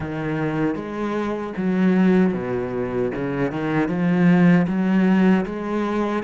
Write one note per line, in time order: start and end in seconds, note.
0.00 0.75 D#3
0.75 1.53 G#3
1.56 2.33 F#3
2.33 3.11 B2
3.14 3.51 C#3
3.51 3.88 D#3
3.88 4.66 F3
4.67 5.45 F#3
5.45 6.23 G#3